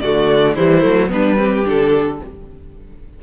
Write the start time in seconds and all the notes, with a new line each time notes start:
0.00 D3 A3 F#4 D5
0.55 E3 G3 E4 C5
0.81 F#3 A3
1.08 G3 B3 D4 B4
1.36 C4 G4
1.65 D3 D4 A4